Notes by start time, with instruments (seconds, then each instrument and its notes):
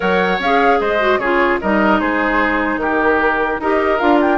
0.00 bassoon F#3, clarinet A#4, oboe C#5, flute F#5
0.39 bassoon C#4, clarinet G#4, flute F5
0.80 bassoon G#3, oboe C5, flute D#5
0.99 clarinet F#4
1.18 bassoon C#3, clarinet F4, oboe G#4, flute C#5
1.61 bassoon G3, clarinet D#4, oboe A#4, flute D#5
1.99 bassoon G#3, oboe G#4, flute C5
2.76 bassoon D#3, oboe G4, flute A#4
3.59 bassoon D#4, clarinet G4, oboe A#4, flute D#5
3.99 bassoon D4, clarinet F4, flute F5
4.21 flute G5